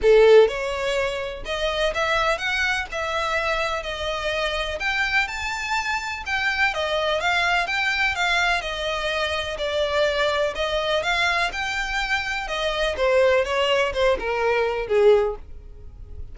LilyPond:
\new Staff \with { instrumentName = "violin" } { \time 4/4 \tempo 4 = 125 a'4 cis''2 dis''4 | e''4 fis''4 e''2 | dis''2 g''4 a''4~ | a''4 g''4 dis''4 f''4 |
g''4 f''4 dis''2 | d''2 dis''4 f''4 | g''2 dis''4 c''4 | cis''4 c''8 ais'4. gis'4 | }